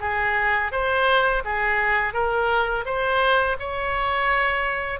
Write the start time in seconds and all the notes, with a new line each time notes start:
0.00 G#4
0.71 C5
1.44 G#4
2.13 A#4
2.85 C5
3.59 C#5